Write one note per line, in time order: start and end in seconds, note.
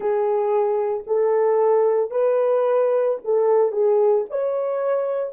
0.00 1.04 G#4
1.07 2.10 A4
2.10 3.18 B4
3.24 3.72 A4
3.72 4.25 G#4
4.30 5.33 C#5